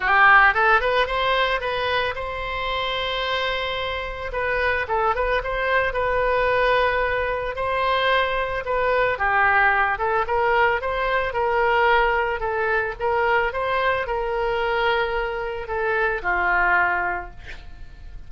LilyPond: \new Staff \with { instrumentName = "oboe" } { \time 4/4 \tempo 4 = 111 g'4 a'8 b'8 c''4 b'4 | c''1 | b'4 a'8 b'8 c''4 b'4~ | b'2 c''2 |
b'4 g'4. a'8 ais'4 | c''4 ais'2 a'4 | ais'4 c''4 ais'2~ | ais'4 a'4 f'2 | }